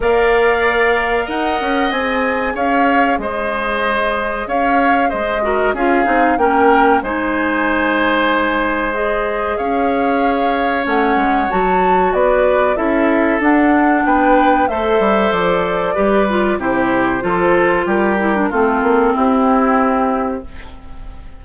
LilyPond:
<<
  \new Staff \with { instrumentName = "flute" } { \time 4/4 \tempo 4 = 94 f''2 fis''4 gis''4 | f''4 dis''2 f''4 | dis''4 f''4 g''4 gis''4~ | gis''2 dis''4 f''4~ |
f''4 fis''4 a''4 d''4 | e''4 fis''4 g''4 e''4 | d''2 c''2 | ais'4 a'4 g'2 | }
  \new Staff \with { instrumentName = "oboe" } { \time 4/4 d''2 dis''2 | cis''4 c''2 cis''4 | c''8 ais'8 gis'4 ais'4 c''4~ | c''2. cis''4~ |
cis''2. b'4 | a'2 b'4 c''4~ | c''4 b'4 g'4 a'4 | g'4 f'4 e'2 | }
  \new Staff \with { instrumentName = "clarinet" } { \time 4/4 ais'2. gis'4~ | gis'1~ | gis'8 fis'8 f'8 dis'8 cis'4 dis'4~ | dis'2 gis'2~ |
gis'4 cis'4 fis'2 | e'4 d'2 a'4~ | a'4 g'8 f'8 e'4 f'4~ | f'8 e'16 d'16 c'2. | }
  \new Staff \with { instrumentName = "bassoon" } { \time 4/4 ais2 dis'8 cis'8 c'4 | cis'4 gis2 cis'4 | gis4 cis'8 c'8 ais4 gis4~ | gis2. cis'4~ |
cis'4 a8 gis8 fis4 b4 | cis'4 d'4 b4 a8 g8 | f4 g4 c4 f4 | g4 a8 ais8 c'2 | }
>>